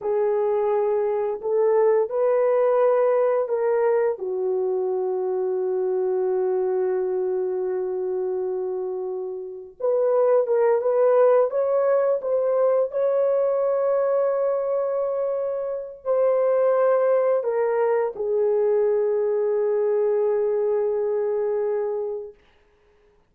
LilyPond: \new Staff \with { instrumentName = "horn" } { \time 4/4 \tempo 4 = 86 gis'2 a'4 b'4~ | b'4 ais'4 fis'2~ | fis'1~ | fis'2 b'4 ais'8 b'8~ |
b'8 cis''4 c''4 cis''4.~ | cis''2. c''4~ | c''4 ais'4 gis'2~ | gis'1 | }